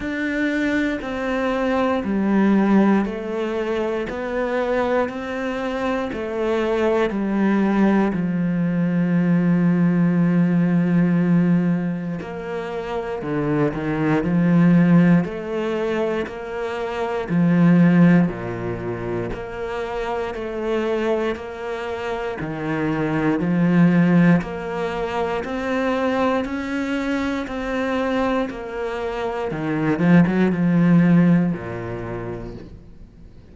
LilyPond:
\new Staff \with { instrumentName = "cello" } { \time 4/4 \tempo 4 = 59 d'4 c'4 g4 a4 | b4 c'4 a4 g4 | f1 | ais4 d8 dis8 f4 a4 |
ais4 f4 ais,4 ais4 | a4 ais4 dis4 f4 | ais4 c'4 cis'4 c'4 | ais4 dis8 f16 fis16 f4 ais,4 | }